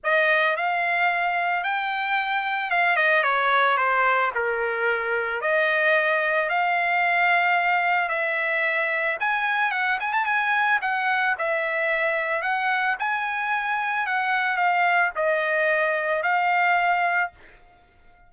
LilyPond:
\new Staff \with { instrumentName = "trumpet" } { \time 4/4 \tempo 4 = 111 dis''4 f''2 g''4~ | g''4 f''8 dis''8 cis''4 c''4 | ais'2 dis''2 | f''2. e''4~ |
e''4 gis''4 fis''8 gis''16 a''16 gis''4 | fis''4 e''2 fis''4 | gis''2 fis''4 f''4 | dis''2 f''2 | }